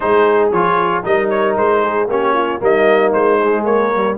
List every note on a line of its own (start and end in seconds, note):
0.00 0.52 G#3
0.00 0.51 D#4
0.00 1.05 G#4
0.00 0.49 C5
0.52 1.04 F3
0.52 1.03 F4
0.52 1.04 C#5
1.03 1.57 G3
1.03 2.08 D#4
1.03 1.82 A#4
1.03 1.29 D#5
1.29 1.55 C#5
1.57 2.07 G#3
1.57 2.09 C5
1.82 2.08 G#4
2.07 2.59 A#3
2.07 2.59 C#4
2.07 2.33 G4
2.07 2.62 C#5
2.33 2.59 F4
2.59 3.13 G3
2.59 3.37 A#3
2.59 3.65 D#4
2.59 3.12 D#5
3.12 3.63 G#3
3.12 3.64 C5
3.42 3.94 G#3
3.63 4.15 A#3
3.63 4.17 A#4
3.63 4.17 C#5
3.94 4.18 G3